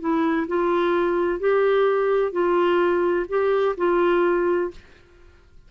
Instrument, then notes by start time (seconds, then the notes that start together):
clarinet
0.00 E4
0.48 F4
1.39 G4
2.32 F4
3.29 G4
3.77 F4